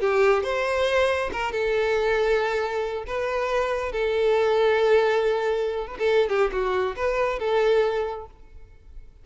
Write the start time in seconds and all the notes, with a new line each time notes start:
0.00 G4
0.43 C5
1.32 A#4
1.52 A4
3.07 B4
3.92 A4
5.87 B4
5.98 A4
6.29 G4
6.52 F#4
6.96 B4
7.39 A4